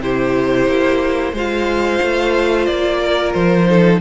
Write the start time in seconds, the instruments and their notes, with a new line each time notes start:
0.00 cello C3, viola E4, violin G4 C5
0.67 cello A#3
1.33 cello G#3, viola F4, violin C5 F5
2.03 cello A3
2.66 cello A#3, violin D5
3.02 violin A#4
3.33 cello F3, violin C5
3.67 viola D#4, violin A4